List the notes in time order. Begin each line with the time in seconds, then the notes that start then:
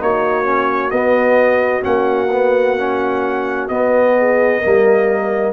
0.00 A#3 D#4 F#4 C#5
0.45 C#4
0.91 B3 D#5
1.82 A#3 C#4 F#5
2.32 B3
2.78 C#4
3.69 B3 D#5
4.18 G#4
4.61 G3 A#3 A#4